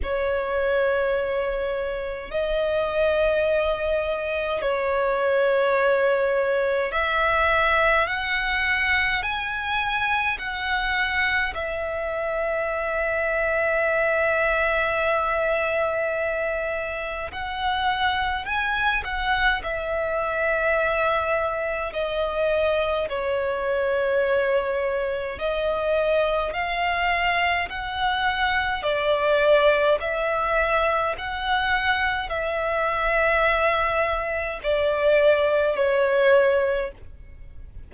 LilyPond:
\new Staff \with { instrumentName = "violin" } { \time 4/4 \tempo 4 = 52 cis''2 dis''2 | cis''2 e''4 fis''4 | gis''4 fis''4 e''2~ | e''2. fis''4 |
gis''8 fis''8 e''2 dis''4 | cis''2 dis''4 f''4 | fis''4 d''4 e''4 fis''4 | e''2 d''4 cis''4 | }